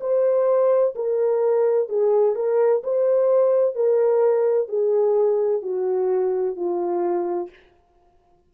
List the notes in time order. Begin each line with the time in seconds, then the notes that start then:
0.00 C5
0.95 A#4
1.88 G#4
2.35 A#4
2.83 C5
3.75 A#4
4.68 G#4
5.62 F#4
6.55 F4